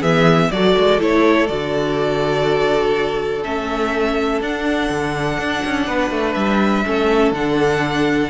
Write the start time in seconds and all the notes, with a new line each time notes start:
0.00 E3 B3 G#4 E5
0.51 F#3 F#4 A4 D5
0.78 G#3
0.99 A3 E4 C#5
1.47 D3 F#4 D5
3.44 A3 C#4 E5
4.40 D4 F#5
4.90 D3
5.39 D4
5.65 C#4
5.87 B3 B4
6.11 A3
6.34 G3 E5
6.85 A3 C#4 A4
7.32 D3 D4 F#5